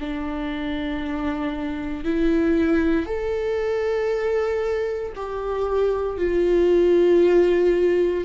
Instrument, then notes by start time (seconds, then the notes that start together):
viola
0.00 D4
2.05 E4
3.06 A4
5.16 G4
6.18 F4